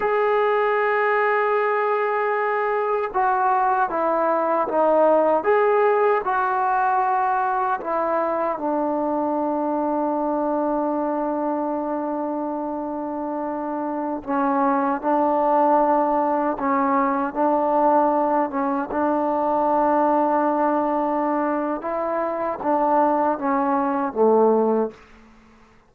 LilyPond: \new Staff \with { instrumentName = "trombone" } { \time 4/4 \tempo 4 = 77 gis'1 | fis'4 e'4 dis'4 gis'4 | fis'2 e'4 d'4~ | d'1~ |
d'2~ d'16 cis'4 d'8.~ | d'4~ d'16 cis'4 d'4. cis'16~ | cis'16 d'2.~ d'8. | e'4 d'4 cis'4 a4 | }